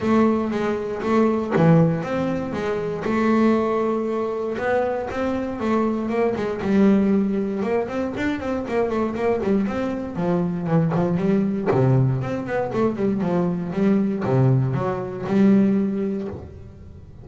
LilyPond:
\new Staff \with { instrumentName = "double bass" } { \time 4/4 \tempo 4 = 118 a4 gis4 a4 e4 | c'4 gis4 a2~ | a4 b4 c'4 a4 | ais8 gis8 g2 ais8 c'8 |
d'8 c'8 ais8 a8 ais8 g8 c'4 | f4 e8 f8 g4 c4 | c'8 b8 a8 g8 f4 g4 | c4 fis4 g2 | }